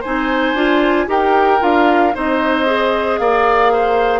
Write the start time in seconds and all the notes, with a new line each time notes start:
0.00 C4 D#4 C5 G#5
0.54 D4 F4
1.07 D#4 G4 A#4 G5
1.60 D4 F4 F5
2.13 C4 D#4 C5 D#5
2.66 G#4
3.18 A#3 D5 F5
3.72 C5